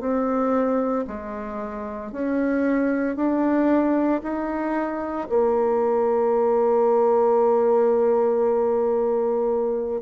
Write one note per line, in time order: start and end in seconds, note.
0.00 1.05 C4
1.07 2.12 G#3
2.12 3.16 C#4
3.16 4.22 D4
4.23 5.28 D#4
5.29 10.02 A#3